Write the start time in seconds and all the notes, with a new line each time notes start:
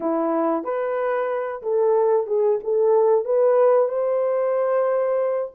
0.00 E4
0.64 B4
1.62 A4
2.26 G#4
2.63 A4
3.24 B4
3.88 C5